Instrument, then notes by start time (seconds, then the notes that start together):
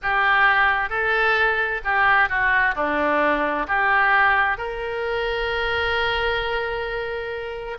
oboe
0.02 G4
0.89 A4
1.84 G4
2.29 F#4
2.75 D4
3.67 G4
4.57 A#4